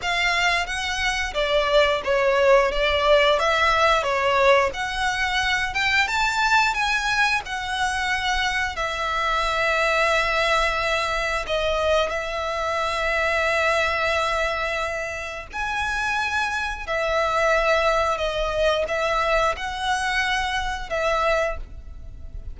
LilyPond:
\new Staff \with { instrumentName = "violin" } { \time 4/4 \tempo 4 = 89 f''4 fis''4 d''4 cis''4 | d''4 e''4 cis''4 fis''4~ | fis''8 g''8 a''4 gis''4 fis''4~ | fis''4 e''2.~ |
e''4 dis''4 e''2~ | e''2. gis''4~ | gis''4 e''2 dis''4 | e''4 fis''2 e''4 | }